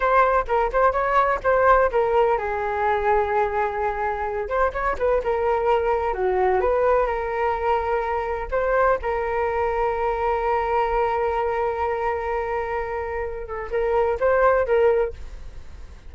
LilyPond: \new Staff \with { instrumentName = "flute" } { \time 4/4 \tempo 4 = 127 c''4 ais'8 c''8 cis''4 c''4 | ais'4 gis'2.~ | gis'4. c''8 cis''8 b'8 ais'4~ | ais'4 fis'4 b'4 ais'4~ |
ais'2 c''4 ais'4~ | ais'1~ | ais'1~ | ais'8 a'8 ais'4 c''4 ais'4 | }